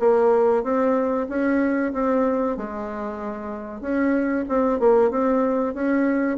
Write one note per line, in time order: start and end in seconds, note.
0.00 0.64 A#3
0.64 1.28 C4
1.29 1.93 C#4
1.94 2.58 C4
2.58 3.82 G#3
3.82 4.46 C#4
4.49 4.80 C4
4.80 5.11 A#3
5.11 5.75 C4
5.75 6.38 C#4